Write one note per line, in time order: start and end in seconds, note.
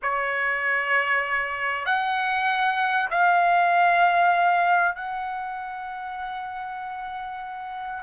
0.02 1.85 C#5
1.85 3.09 F#5
3.10 4.95 F5
4.95 8.02 F#5